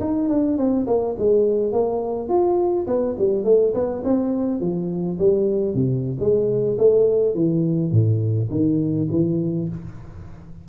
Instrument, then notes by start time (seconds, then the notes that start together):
tuba
0.00 D#4
0.29 D4
0.57 C4
0.87 A#3
1.18 G#3
1.72 A#3
2.28 F4
2.86 B3
3.18 G3
3.44 A3
3.74 B3
4.04 C4
4.60 F3
5.19 G3
5.74 C3
6.19 G#3
6.78 A3
7.34 E3
7.91 A2
8.50 D#3
9.11 E3